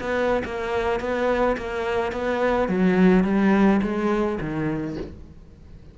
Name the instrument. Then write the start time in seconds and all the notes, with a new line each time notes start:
cello
0.00 B3
0.44 A#3
0.99 B3
1.57 A#3
2.11 B3
2.68 F#3
3.24 G3
3.82 G#3
4.40 D#3